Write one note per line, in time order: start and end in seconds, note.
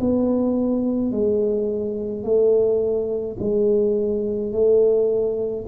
0.00 1.11 B3
1.11 2.23 G#3
2.23 3.37 A3
3.39 4.52 G#3
4.52 5.65 A3